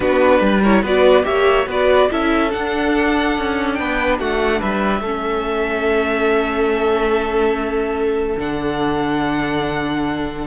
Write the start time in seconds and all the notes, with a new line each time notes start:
0.00 B3 D4 F#4 B4
0.40 G3 B4
0.62 E4 A#4 C#5
0.82 B3 F#4 B4 D5
1.22 A#3 G4 C#5 E5
1.66 B3 F#4 B4 D5
2.09 C#4 E4 A4 E5
2.50 D4 F#5
3.37 C#4
3.74 B3 B4 G5
4.19 A3 F#4 F#5
4.59 G3 B4 E5
5.00 A3 C#4 A4
8.36 D3 D4 F#5